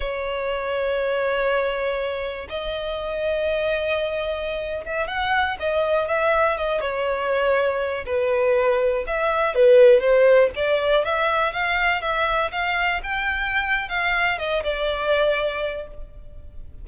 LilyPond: \new Staff \with { instrumentName = "violin" } { \time 4/4 \tempo 4 = 121 cis''1~ | cis''4 dis''2.~ | dis''4.~ dis''16 e''8 fis''4 dis''8.~ | dis''16 e''4 dis''8 cis''2~ cis''16~ |
cis''16 b'2 e''4 b'8.~ | b'16 c''4 d''4 e''4 f''8.~ | f''16 e''4 f''4 g''4.~ g''16 | f''4 dis''8 d''2~ d''8 | }